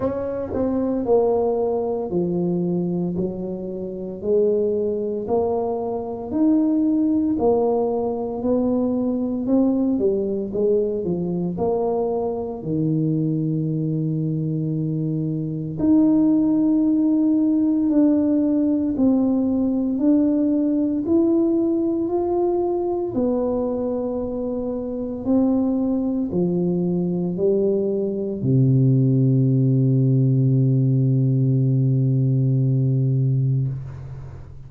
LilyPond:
\new Staff \with { instrumentName = "tuba" } { \time 4/4 \tempo 4 = 57 cis'8 c'8 ais4 f4 fis4 | gis4 ais4 dis'4 ais4 | b4 c'8 g8 gis8 f8 ais4 | dis2. dis'4~ |
dis'4 d'4 c'4 d'4 | e'4 f'4 b2 | c'4 f4 g4 c4~ | c1 | }